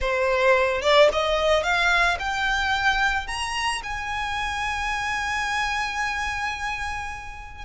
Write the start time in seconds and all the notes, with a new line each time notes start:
0.00 C5
0.81 D5
1.12 D#5
1.63 F5
2.19 G5
3.27 A#5
3.83 G#5